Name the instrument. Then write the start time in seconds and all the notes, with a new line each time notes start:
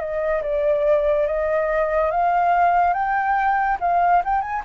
flute
0.00 D#5
0.43 D5
1.27 D#5
2.11 F5
2.93 G5
3.80 F5
4.25 G5
4.42 G#5